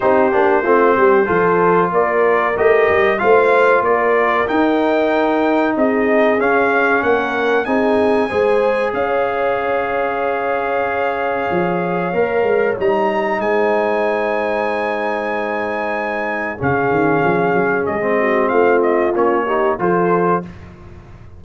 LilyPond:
<<
  \new Staff \with { instrumentName = "trumpet" } { \time 4/4 \tempo 4 = 94 c''2. d''4 | dis''4 f''4 d''4 g''4~ | g''4 dis''4 f''4 fis''4 | gis''2 f''2~ |
f''1 | ais''4 gis''2.~ | gis''2 f''2 | dis''4 f''8 dis''8 cis''4 c''4 | }
  \new Staff \with { instrumentName = "horn" } { \time 4/4 g'4 f'8 g'8 a'4 ais'4~ | ais'4 c''4 ais'2~ | ais'4 gis'2 ais'4 | gis'4 c''4 cis''2~ |
cis''1~ | cis''4 c''2.~ | c''2 gis'2~ | gis'8 fis'8 f'4. g'8 a'4 | }
  \new Staff \with { instrumentName = "trombone" } { \time 4/4 dis'8 d'8 c'4 f'2 | g'4 f'2 dis'4~ | dis'2 cis'2 | dis'4 gis'2.~ |
gis'2. ais'4 | dis'1~ | dis'2 cis'2~ | cis'16 c'4.~ c'16 cis'8 dis'8 f'4 | }
  \new Staff \with { instrumentName = "tuba" } { \time 4/4 c'8 ais8 a8 g8 f4 ais4 | a8 g8 a4 ais4 dis'4~ | dis'4 c'4 cis'4 ais4 | c'4 gis4 cis'2~ |
cis'2 f4 ais8 gis8 | g4 gis2.~ | gis2 cis8 dis8 f8 fis8 | gis4 a4 ais4 f4 | }
>>